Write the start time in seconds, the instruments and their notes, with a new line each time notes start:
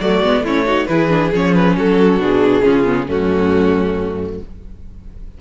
0.00 cello F#3, viola A3, violin F#4 D5
0.23 cello G#3, viola B3
0.40 cello A3, violin E4
0.47 viola C#4, violin C#5
0.66 viola D#4, violin F#4
0.87 cello E3, viola E4, violin G#4 B4
1.09 viola D4
1.33 cello F3, viola C#4, violin C#5
1.54 violin B4
1.76 cello F#3, violin F#4 A4
2.18 cello B2, viola D4, violin G#4
2.62 cello C#3, viola C#4, violin F4
2.85 viola B3
3.07 cello F#2, viola A3, violin C#4 F#4